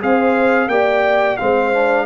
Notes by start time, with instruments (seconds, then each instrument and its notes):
0.00 tuba C4, trombone G#4, horn C5, trumpet F5
0.68 tuba A#3, trombone G4, horn D5, trumpet G5
1.37 tuba G#3, trombone C4, horn C5, trumpet F5
1.73 trombone D4